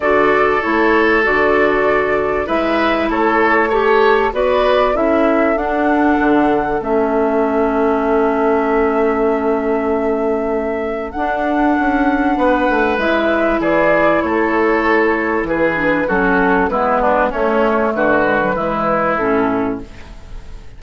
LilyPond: <<
  \new Staff \with { instrumentName = "flute" } { \time 4/4 \tempo 4 = 97 d''4 cis''4 d''2 | e''4 cis''4 a'4 d''4 | e''4 fis''2 e''4~ | e''1~ |
e''2 fis''2~ | fis''4 e''4 d''4 cis''4~ | cis''4 b'4 a'4 b'4 | cis''4 b'2 a'4 | }
  \new Staff \with { instrumentName = "oboe" } { \time 4/4 a'1 | b'4 a'4 cis''4 b'4 | a'1~ | a'1~ |
a'1 | b'2 gis'4 a'4~ | a'4 gis'4 fis'4 e'8 d'8 | cis'4 fis'4 e'2 | }
  \new Staff \with { instrumentName = "clarinet" } { \time 4/4 fis'4 e'4 fis'2 | e'2 g'4 fis'4 | e'4 d'2 cis'4~ | cis'1~ |
cis'2 d'2~ | d'4 e'2.~ | e'4. d'8 cis'4 b4 | a4. gis16 fis16 gis4 cis'4 | }
  \new Staff \with { instrumentName = "bassoon" } { \time 4/4 d4 a4 d2 | gis4 a2 b4 | cis'4 d'4 d4 a4~ | a1~ |
a2 d'4 cis'4 | b8 a8 gis4 e4 a4~ | a4 e4 fis4 gis4 | a4 d4 e4 a,4 | }
>>